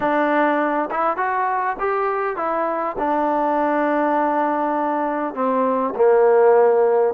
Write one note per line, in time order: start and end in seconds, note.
0.00 0.89 D4
0.90 1.16 E4
1.16 1.76 F#4
1.79 2.36 G4
2.36 2.95 E4
2.98 5.34 D4
5.34 5.94 C4
5.95 7.14 A#3